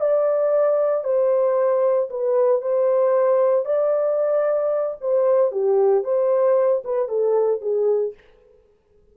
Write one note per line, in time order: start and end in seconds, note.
0.00 1.04 D5
1.04 2.09 C5
2.10 2.61 B4
2.61 3.65 C5
3.65 4.97 D5
5.00 5.51 C5
5.51 6.04 G4
6.04 6.83 C5
6.84 7.08 B4
7.08 7.61 A4
7.61 8.14 G#4